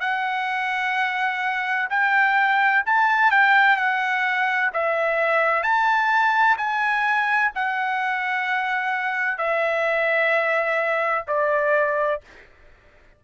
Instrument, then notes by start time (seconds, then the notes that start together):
trumpet
0.00 F#5
1.90 G5
2.86 A5
3.31 G5
3.77 F#5
4.73 E5
5.62 A5
6.58 G#5
7.55 F#5
9.37 E5
11.27 D5